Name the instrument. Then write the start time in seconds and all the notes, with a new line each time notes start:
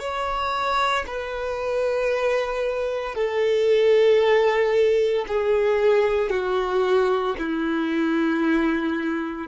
violin
0.00 C#5
1.07 B4
3.15 A4
5.28 G#4
6.30 F#4
7.39 E4